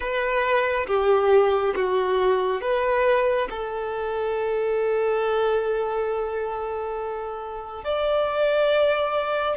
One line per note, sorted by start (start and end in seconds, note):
0.00 0.86 B4
0.87 1.74 G4
1.75 2.61 F#4
2.61 3.48 B4
3.49 7.83 A4
7.83 9.57 D5